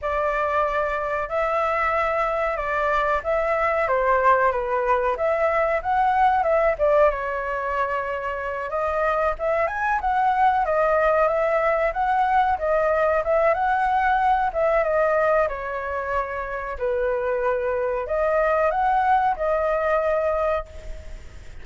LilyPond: \new Staff \with { instrumentName = "flute" } { \time 4/4 \tempo 4 = 93 d''2 e''2 | d''4 e''4 c''4 b'4 | e''4 fis''4 e''8 d''8 cis''4~ | cis''4. dis''4 e''8 gis''8 fis''8~ |
fis''8 dis''4 e''4 fis''4 dis''8~ | dis''8 e''8 fis''4. e''8 dis''4 | cis''2 b'2 | dis''4 fis''4 dis''2 | }